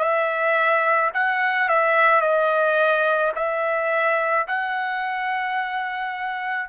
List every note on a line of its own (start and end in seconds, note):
0.00 1.11 E5
1.15 1.69 F#5
1.69 2.22 E5
2.22 3.33 D#5
3.36 4.47 E5
4.48 6.70 F#5